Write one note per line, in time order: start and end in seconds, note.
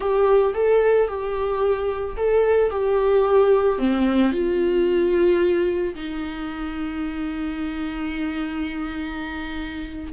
0.00 0.53 G4
0.54 1.08 A4
1.08 2.16 G4
2.16 2.70 A4
2.70 3.78 G4
3.78 4.32 C4
4.32 5.94 F4
5.95 10.12 D#4